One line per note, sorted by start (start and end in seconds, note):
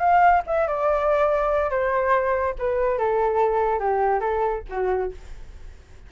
0.00 0.42 F5
0.47 0.67 E5
0.67 1.71 D5
1.71 2.55 C5
2.59 2.98 B4
2.98 3.80 A4
3.80 4.20 G4
4.20 4.63 A4
4.70 5.12 F#4